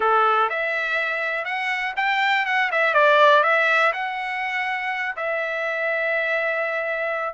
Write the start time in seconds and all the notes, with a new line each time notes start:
0.00 A4
0.49 E5
1.45 F#5
1.96 G5
2.45 F#5
2.71 E5
2.94 D5
3.43 E5
3.92 F#5
5.16 E5